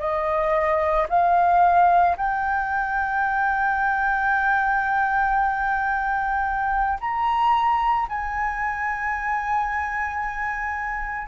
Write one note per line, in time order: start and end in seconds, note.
0.00 1.07 D#5
1.10 2.17 F5
2.17 6.99 G5
7.01 8.08 A#5
8.09 11.28 G#5